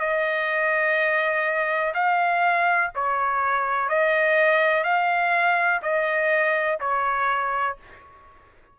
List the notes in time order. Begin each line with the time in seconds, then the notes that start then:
0.00 D#5
1.94 F5
2.95 C#5
3.89 D#5
4.84 F5
5.82 D#5
6.80 C#5